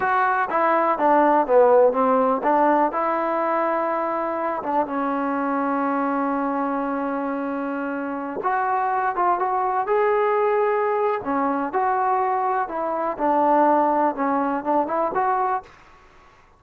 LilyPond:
\new Staff \with { instrumentName = "trombone" } { \time 4/4 \tempo 4 = 123 fis'4 e'4 d'4 b4 | c'4 d'4 e'2~ | e'4. d'8 cis'2~ | cis'1~ |
cis'4~ cis'16 fis'4. f'8 fis'8.~ | fis'16 gis'2~ gis'8. cis'4 | fis'2 e'4 d'4~ | d'4 cis'4 d'8 e'8 fis'4 | }